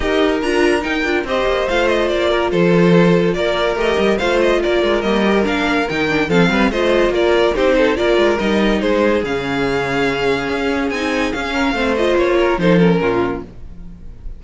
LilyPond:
<<
  \new Staff \with { instrumentName = "violin" } { \time 4/4 \tempo 4 = 143 dis''4 ais''4 g''4 dis''4 | f''8 dis''8 d''4 c''2 | d''4 dis''4 f''8 dis''8 d''4 | dis''4 f''4 g''4 f''4 |
dis''4 d''4 c''4 d''4 | dis''4 c''4 f''2~ | f''2 gis''4 f''4~ | f''8 dis''8 cis''4 c''8 ais'4. | }
  \new Staff \with { instrumentName = "violin" } { \time 4/4 ais'2. c''4~ | c''4. ais'8 a'2 | ais'2 c''4 ais'4~ | ais'2. a'8 b'8 |
c''4 ais'4 g'8 a'8 ais'4~ | ais'4 gis'2.~ | gis'2.~ gis'8 ais'8 | c''4. ais'8 a'4 f'4 | }
  \new Staff \with { instrumentName = "viola" } { \time 4/4 g'4 f'4 dis'8 f'8 g'4 | f'1~ | f'4 g'4 f'2 | ais8 g'8 d'4 dis'8 d'8 c'4 |
f'2 dis'4 f'4 | dis'2 cis'2~ | cis'2 dis'4 cis'4 | c'8 f'4. dis'8 cis'4. | }
  \new Staff \with { instrumentName = "cello" } { \time 4/4 dis'4 d'4 dis'8 d'8 c'8 ais8 | a4 ais4 f2 | ais4 a8 g8 a4 ais8 gis8 | g4 ais4 dis4 f8 g8 |
a4 ais4 c'4 ais8 gis8 | g4 gis4 cis2~ | cis4 cis'4 c'4 cis'4 | a4 ais4 f4 ais,4 | }
>>